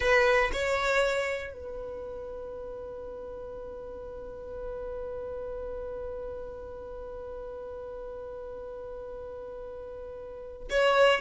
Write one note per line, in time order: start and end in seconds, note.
0.00 0.51 B4
0.52 1.52 C#5
1.52 10.68 B4
10.70 11.20 C#5